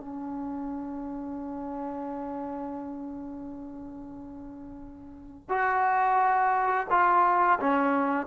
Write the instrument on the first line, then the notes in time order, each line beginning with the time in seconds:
trombone
0.00 C#4
5.50 F#4
6.91 F4
7.60 C#4